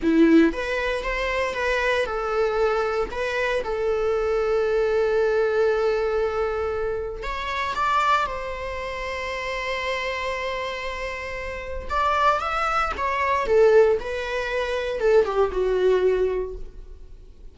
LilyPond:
\new Staff \with { instrumentName = "viola" } { \time 4/4 \tempo 4 = 116 e'4 b'4 c''4 b'4 | a'2 b'4 a'4~ | a'1~ | a'2 cis''4 d''4 |
c''1~ | c''2. d''4 | e''4 cis''4 a'4 b'4~ | b'4 a'8 g'8 fis'2 | }